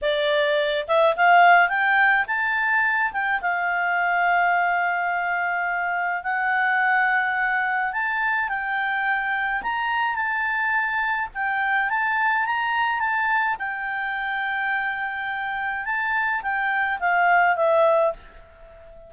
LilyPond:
\new Staff \with { instrumentName = "clarinet" } { \time 4/4 \tempo 4 = 106 d''4. e''8 f''4 g''4 | a''4. g''8 f''2~ | f''2. fis''4~ | fis''2 a''4 g''4~ |
g''4 ais''4 a''2 | g''4 a''4 ais''4 a''4 | g''1 | a''4 g''4 f''4 e''4 | }